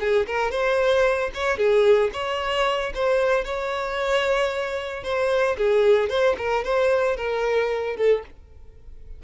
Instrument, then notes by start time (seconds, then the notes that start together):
violin
0.00 G#4
0.27 A#4
0.51 C5
1.35 C#5
1.58 G#4
2.13 C#5
2.95 C5
3.45 C#5
5.04 C5
5.58 G#4
6.10 C5
6.38 A#4
6.65 C5
7.17 A#4
7.97 A4